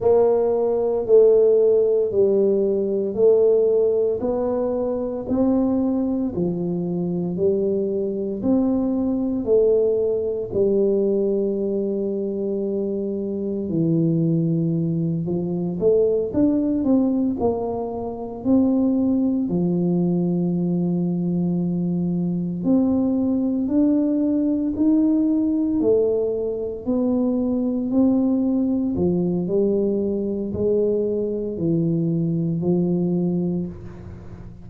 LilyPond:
\new Staff \with { instrumentName = "tuba" } { \time 4/4 \tempo 4 = 57 ais4 a4 g4 a4 | b4 c'4 f4 g4 | c'4 a4 g2~ | g4 e4. f8 a8 d'8 |
c'8 ais4 c'4 f4.~ | f4. c'4 d'4 dis'8~ | dis'8 a4 b4 c'4 f8 | g4 gis4 e4 f4 | }